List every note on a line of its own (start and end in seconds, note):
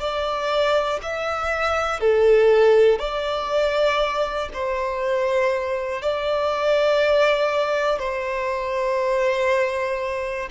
0.00 1.00 D5
1.03 2.00 E5
2.00 2.99 A4
2.99 4.49 D5
4.54 6.02 C5
6.02 7.99 D5
7.99 10.49 C5